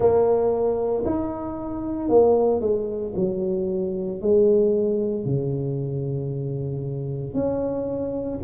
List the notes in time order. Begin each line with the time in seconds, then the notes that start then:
0.00 A#3
1.05 D#4
2.09 A#3
2.60 G#3
3.15 F#3
4.21 G#3
5.25 C#3
7.33 C#4